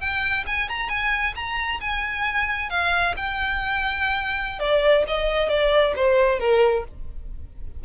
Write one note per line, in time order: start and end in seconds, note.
0.00 0.45 G5
0.47 0.69 G#5
0.69 0.89 A#5
0.89 1.34 G#5
1.36 1.80 A#5
1.81 2.70 G#5
2.70 3.14 F5
3.16 4.59 G5
4.59 5.04 D5
5.07 5.49 D#5
5.49 5.94 D5
5.96 6.39 C5
6.39 6.84 A#4